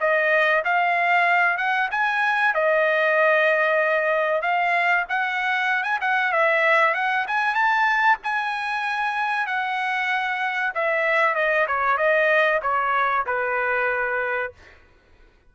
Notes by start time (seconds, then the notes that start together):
0.00 D#5
0.64 F5
1.57 F#5
1.91 G#5
2.54 D#5
4.42 F5
5.09 F#5
5.83 G#5
6.01 F#5
6.32 E5
6.94 F#5
7.27 G#5
7.54 A5
8.23 G#5
9.47 F#5
10.74 E5
11.35 D#5
11.67 C#5
11.97 D#5
12.62 C#5
13.26 B4